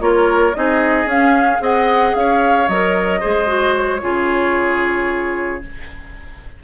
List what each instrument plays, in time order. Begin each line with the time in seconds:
0.00 bassoon A#3, clarinet F4, oboe A#4, flute C#5
0.54 bassoon C4, clarinet D#4, oboe G#4, flute D#5
1.06 bassoon C#4, clarinet C#4, flute F5
1.60 bassoon C4, clarinet G#4, oboe D#5, flute F#5
2.15 bassoon C#4, oboe C#5, flute F5
2.68 bassoon F#3, clarinet A#4, flute D#5
3.20 bassoon G#3, clarinet G#4, oboe C5
3.47 clarinet F#4
3.76 flute C#5
4.01 bassoon C#3, clarinet F4, oboe G#4